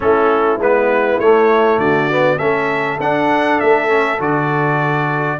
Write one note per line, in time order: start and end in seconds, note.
0.00 0.57 A3
0.00 0.59 C#4
0.00 1.79 E4
0.00 0.60 A4
0.57 1.17 G#3
0.57 1.21 B3
0.57 1.19 B4
1.19 1.78 A3
1.19 2.11 A3
1.19 1.79 C#5
1.78 2.38 D3
1.78 2.38 F#4
1.78 2.38 D5
2.11 2.38 B3
2.38 2.98 A3
2.38 2.98 C#4
2.38 5.38 A4
2.38 2.98 E5
2.99 3.59 D4
2.99 3.88 D4
2.99 3.60 F#5
3.60 4.19 A3
3.60 4.20 E5
3.88 4.18 C#4
4.19 5.39 D3
4.19 5.39 F#4
4.19 5.40 D5